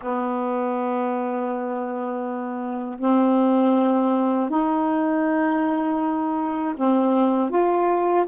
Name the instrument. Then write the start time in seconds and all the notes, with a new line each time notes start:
saxophone
0.01 B3
2.99 C4
4.49 D#4
6.77 C4
7.50 F4